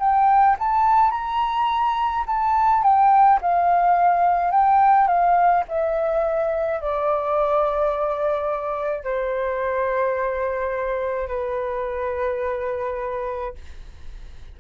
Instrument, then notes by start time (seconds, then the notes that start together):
flute
0.00 G5
0.60 A5
1.12 A#5
2.27 A5
2.83 G5
3.42 F5
4.51 G5
5.08 F5
5.69 E5
6.81 D5
9.04 C5
11.28 B4